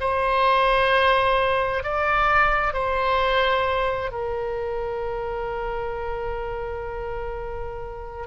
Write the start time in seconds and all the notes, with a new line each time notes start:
0.00 C5
1.83 D5
2.74 C5
4.12 A#4